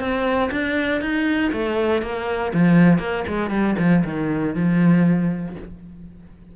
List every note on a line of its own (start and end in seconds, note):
0.00 0.50 C4
0.52 1.02 D4
1.02 1.52 D#4
1.53 2.02 A3
2.02 2.53 A#3
2.54 2.99 F3
2.99 3.25 A#3
3.28 3.50 G#3
3.50 3.76 G3
3.79 4.04 F3
4.05 4.55 D#3
4.55 5.56 F3